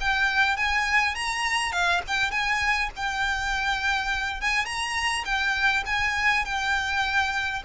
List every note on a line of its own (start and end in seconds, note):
0.00 0.56 G5
0.56 1.15 G#5
1.15 1.72 A#5
1.72 2.01 F5
2.07 2.30 G5
2.30 2.89 G#5
2.96 4.41 G5
4.41 4.65 G#5
4.65 5.24 A#5
5.25 5.83 G5
5.86 6.44 G#5
6.44 7.62 G5